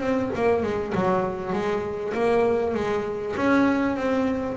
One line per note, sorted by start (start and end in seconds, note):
0.00 0.30 C4
0.35 0.63 A#3
0.63 0.93 G#3
0.95 1.52 F#3
1.52 2.13 G#3
2.14 2.74 A#3
2.74 3.35 G#3
3.36 3.96 C#4
3.96 4.57 C4